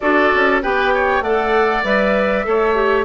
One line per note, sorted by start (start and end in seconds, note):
0.00 0.32 D4
0.00 0.62 F#4
0.00 0.62 A4
0.00 0.61 D5
0.34 0.63 C#4
0.62 1.20 B3
0.62 1.23 G4
0.62 0.93 B4
0.62 1.22 G5
0.94 1.23 C#5
1.20 1.81 A3
1.20 1.84 A4
1.20 2.46 D5
1.20 1.83 F#5
1.83 2.44 G3
1.83 2.44 B4
1.83 3.05 E5
2.44 3.05 A3
2.44 2.74 A4
2.44 3.05 C#5
2.74 3.05 G4